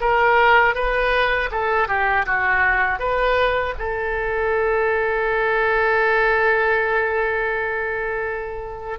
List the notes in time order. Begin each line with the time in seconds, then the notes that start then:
0.00 A#4
0.74 B4
1.51 A4
1.88 G4
2.25 F#4
2.99 B4
3.78 A4